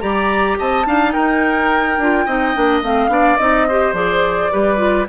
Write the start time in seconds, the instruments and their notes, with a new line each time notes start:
0.00 bassoon G3, clarinet G4, oboe D5, flute A#5
0.59 bassoon C4, oboe D#5, flute A5
0.86 bassoon D4, clarinet D#4, oboe F5
1.12 bassoon D#4, oboe A#4, flute G5
1.98 bassoon D4, clarinet F4
2.26 bassoon C4, clarinet D#4, oboe D#5
2.55 bassoon A#3, clarinet D4
2.82 bassoon A3, clarinet C4, flute F5
3.08 bassoon B3, clarinet D4, oboe D5
3.37 bassoon C4, clarinet D#4, flute D#5
3.68 clarinet G4, oboe C5
3.93 bassoon F3, clarinet G#4, flute D5
4.51 bassoon G3, clarinet G4, oboe B4
4.77 clarinet F4